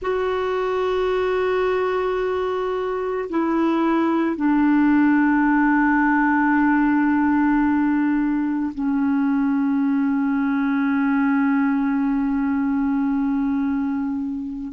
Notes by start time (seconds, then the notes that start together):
0.01 F#4
3.29 E4
4.35 D4
8.74 C#4